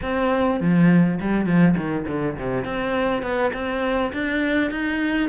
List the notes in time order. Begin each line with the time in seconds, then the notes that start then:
0.02 C4
0.60 F3
1.20 G3
1.45 F3
1.76 D#3
2.07 D3
2.37 C3
2.64 C4
3.22 B3
3.53 C4
4.13 D4
4.71 D#4